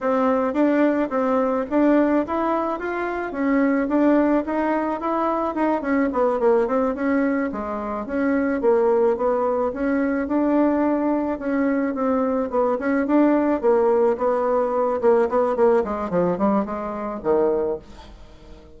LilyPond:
\new Staff \with { instrumentName = "bassoon" } { \time 4/4 \tempo 4 = 108 c'4 d'4 c'4 d'4 | e'4 f'4 cis'4 d'4 | dis'4 e'4 dis'8 cis'8 b8 ais8 | c'8 cis'4 gis4 cis'4 ais8~ |
ais8 b4 cis'4 d'4.~ | d'8 cis'4 c'4 b8 cis'8 d'8~ | d'8 ais4 b4. ais8 b8 | ais8 gis8 f8 g8 gis4 dis4 | }